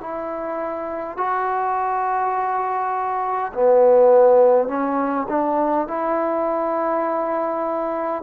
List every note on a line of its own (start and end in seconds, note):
0.00 1.17 E4
1.17 3.52 F#4
3.53 4.68 B3
4.68 5.27 C#4
5.28 5.87 D4
5.87 8.22 E4